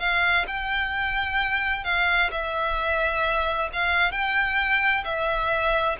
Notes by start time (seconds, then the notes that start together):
0.00 F5
0.48 G5
1.85 F5
2.32 E5
3.73 F5
4.12 G5
5.05 E5